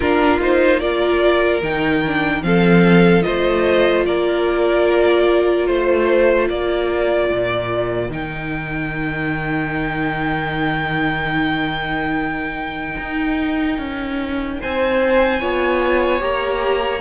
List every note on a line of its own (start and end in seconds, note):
0.00 1.62 A#3
0.00 0.40 D4
0.00 0.80 F4
0.00 0.39 A#4
0.40 0.81 D#4
0.40 0.79 C5
0.79 1.62 F4
0.79 2.42 A#4
0.79 1.60 D5
1.62 2.42 D#3
1.62 2.03 D#4
1.62 2.42 G5
2.06 2.42 D4
2.42 3.23 F3
2.42 3.22 C4
2.42 3.25 A4
2.42 3.22 F5
3.22 4.06 A3
3.22 8.08 F4
3.22 4.06 C5
3.22 4.03 D#5
4.05 5.68 A#3
4.05 5.69 A#4
4.05 5.66 D5
5.66 6.49 A3
5.66 6.47 C5
5.66 6.50 C5
6.49 7.30 A#3
6.49 14.60 A#4
6.49 8.11 D5
7.31 8.09 A#2
8.09 12.95 D#3
8.09 15.40 D#4
8.09 14.61 G5
12.97 13.78 D#4
13.78 14.59 C#4
14.60 15.42 C4
14.60 15.40 C5
14.60 16.22 G#5
15.40 16.21 B3
15.40 16.19 F4
15.40 17.01 C#5
16.19 17.01 A#3
16.19 17.00 G4
16.19 17.01 A#5